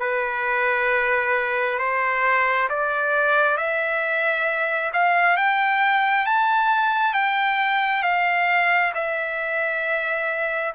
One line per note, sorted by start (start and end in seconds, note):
0.00 1.79 B4
1.79 2.69 C5
2.69 3.58 D5
3.58 4.92 E5
4.94 5.37 F5
5.37 6.26 G5
6.26 7.14 A5
7.14 8.04 G5
8.04 8.93 F5
8.95 10.74 E5